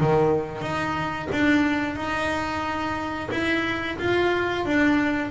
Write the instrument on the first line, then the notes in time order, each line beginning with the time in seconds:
double bass
0.00 D#3
0.62 D#4
1.32 D4
1.96 D#4
3.31 E4
3.99 F4
4.66 D4